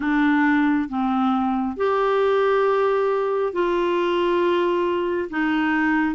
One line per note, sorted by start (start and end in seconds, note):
0.00 0.88 D4
0.88 1.76 C4
1.76 3.53 G4
3.53 5.29 F4
5.30 6.15 D#4